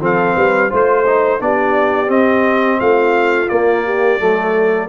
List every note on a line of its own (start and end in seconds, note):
0.00 0.35 F3
0.00 0.70 C4
0.00 0.35 A4
0.00 0.74 F5
0.35 0.71 G3
0.35 0.69 B4
0.69 1.40 A3
0.69 1.05 F4
0.69 1.39 C5
0.69 1.41 C5
1.06 1.39 D#4
1.39 2.09 B3
1.39 2.06 D4
1.39 2.80 G4
1.39 2.10 D5
2.06 3.46 C4
2.06 2.78 C4
2.06 2.80 D#5
2.80 3.50 A3
2.80 3.85 F4
2.80 3.48 F5
3.48 4.19 A#3
3.48 4.20 A#3
3.48 4.88 D5
3.85 4.19 G4
4.19 4.88 F#3
4.19 4.88 A3
4.19 4.88 A4